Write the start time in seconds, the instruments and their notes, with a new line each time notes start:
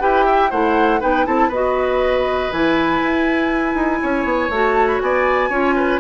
0.00 bassoon E4, clarinet G4, oboe B4, flute G5
0.25 oboe E5
0.50 bassoon A3, clarinet E4, oboe C5, flute F#5
1.00 bassoon B3, clarinet D#4, oboe B4, flute G5
1.25 bassoon C4, clarinet E4, oboe A4, flute A5
1.48 bassoon B3, clarinet F#4, oboe B4, flute D#5
2.52 bassoon E3, clarinet E4, flute G#5
3.02 bassoon E4
3.74 bassoon D#4
4.02 bassoon C#4, oboe C#5
4.24 bassoon B3
4.49 bassoon A3, clarinet F#4, flute A5
4.87 flute B5
5.01 bassoon B3, oboe D5, flute G#5
5.49 bassoon C#4, clarinet F4, oboe C#5
5.76 oboe B4